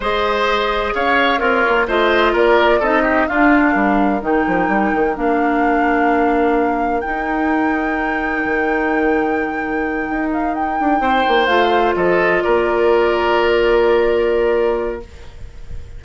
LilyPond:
<<
  \new Staff \with { instrumentName = "flute" } { \time 4/4 \tempo 4 = 128 dis''2 f''4 cis''4 | dis''4 d''4 dis''4 f''4~ | f''4 g''2 f''4~ | f''2. g''4~ |
g''1~ | g''2 f''8 g''4.~ | g''8 f''4 dis''4 d''4.~ | d''1 | }
  \new Staff \with { instrumentName = "oboe" } { \time 4/4 c''2 cis''4 f'4 | c''4 ais'4 a'8 g'8 f'4 | ais'1~ | ais'1~ |
ais'1~ | ais'2.~ ais'8 c''8~ | c''4. a'4 ais'4.~ | ais'1 | }
  \new Staff \with { instrumentName = "clarinet" } { \time 4/4 gis'2. ais'4 | f'2 dis'4 d'4~ | d'4 dis'2 d'4~ | d'2. dis'4~ |
dis'1~ | dis'1~ | dis'8 f'2.~ f'8~ | f'1 | }
  \new Staff \with { instrumentName = "bassoon" } { \time 4/4 gis2 cis'4 c'8 ais8 | a4 ais4 c'4 d'4 | g4 dis8 f8 g8 dis8 ais4~ | ais2. dis'4~ |
dis'2 dis2~ | dis4. dis'4. d'8 c'8 | ais8 a4 f4 ais4.~ | ais1 | }
>>